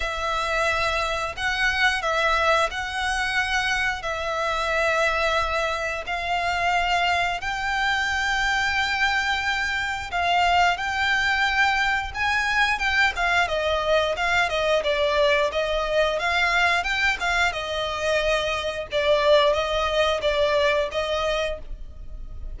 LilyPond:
\new Staff \with { instrumentName = "violin" } { \time 4/4 \tempo 4 = 89 e''2 fis''4 e''4 | fis''2 e''2~ | e''4 f''2 g''4~ | g''2. f''4 |
g''2 gis''4 g''8 f''8 | dis''4 f''8 dis''8 d''4 dis''4 | f''4 g''8 f''8 dis''2 | d''4 dis''4 d''4 dis''4 | }